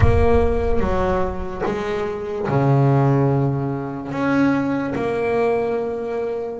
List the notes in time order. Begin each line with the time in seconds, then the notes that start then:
0.00 A#3
0.79 F#3
1.65 G#3
2.48 C#3
4.11 C#4
4.95 A#3